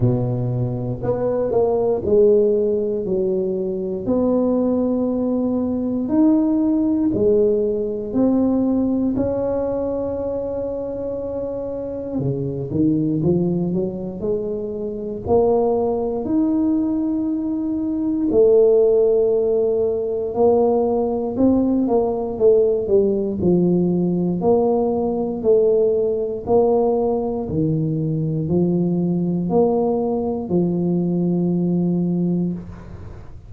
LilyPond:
\new Staff \with { instrumentName = "tuba" } { \time 4/4 \tempo 4 = 59 b,4 b8 ais8 gis4 fis4 | b2 dis'4 gis4 | c'4 cis'2. | cis8 dis8 f8 fis8 gis4 ais4 |
dis'2 a2 | ais4 c'8 ais8 a8 g8 f4 | ais4 a4 ais4 dis4 | f4 ais4 f2 | }